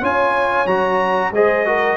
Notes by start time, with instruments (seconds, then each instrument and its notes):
0.00 tuba C#4, trombone F4, horn C#5, trumpet G#5
0.66 tuba F#3, trombone F#4, trumpet A#5
1.31 tuba G#3, trombone G#4, horn C5, trumpet D#5
1.66 trombone F#4, horn A#4